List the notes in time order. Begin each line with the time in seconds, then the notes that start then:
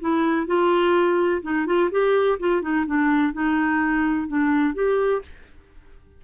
0.00 E4
0.46 F4
1.42 D#4
1.66 F4
1.91 G4
2.39 F4
2.62 D#4
2.86 D4
3.33 D#4
4.28 D4
4.74 G4